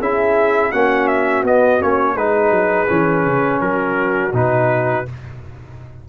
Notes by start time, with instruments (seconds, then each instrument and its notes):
0.00 tuba C#4, trombone E4, horn G#4, trumpet E5
0.70 tuba A#3, trombone C#4, horn F#4, trumpet F#5
1.08 trumpet E5
1.43 tuba B3, trombone B3, trumpet D#5
1.80 tuba A#3, trombone C#4, trumpet C#5
2.16 tuba G#3, trombone D#4, horn G#4, trumpet B4
2.51 tuba F#3
2.88 tuba E3, trombone C#4
3.26 tuba C#3
3.61 tuba F#3, horn F#4, trumpet A#4
4.33 tuba B2, trombone D#4, trumpet B4